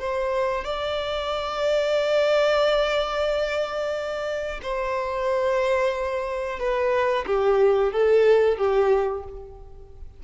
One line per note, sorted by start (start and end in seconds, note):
0.00 0.65 C5
0.65 4.61 D5
4.63 6.60 C5
6.60 7.26 B4
7.27 7.93 G4
7.93 8.58 A4
8.58 9.24 G4